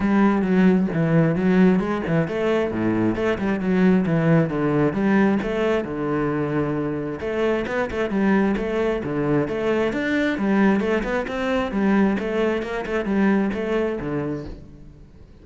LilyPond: \new Staff \with { instrumentName = "cello" } { \time 4/4 \tempo 4 = 133 g4 fis4 e4 fis4 | gis8 e8 a4 a,4 a8 g8 | fis4 e4 d4 g4 | a4 d2. |
a4 b8 a8 g4 a4 | d4 a4 d'4 g4 | a8 b8 c'4 g4 a4 | ais8 a8 g4 a4 d4 | }